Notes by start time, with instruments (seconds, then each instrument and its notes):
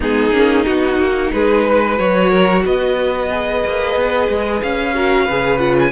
0.00 cello G#3, viola B3, violin D#4 G#4
0.31 cello A#3, viola C#4
0.65 cello B3, viola D#4, violin F#4
0.98 cello A#3
1.32 cello G#3, violin G#4 B4
1.64 violin B4
1.96 cello F#3, viola F#4, violin C#5
2.30 violin A#4
2.65 cello B3, violin B4 D#5
3.30 viola G#4
3.64 cello A#3
3.95 cello B3
4.28 cello G#3
4.61 cello C#4, violin F5
4.94 viola F#4, violin A#4
5.24 cello C#3, viola G#4, violin B4
5.58 viola F4, violin F#5
5.79 violin G#5